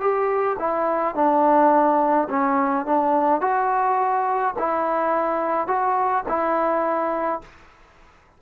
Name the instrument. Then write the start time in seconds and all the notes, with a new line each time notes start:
trombone
0.00 G4
0.59 E4
1.15 D4
2.29 C#4
2.86 D4
3.41 F#4
4.58 E4
5.67 F#4
6.28 E4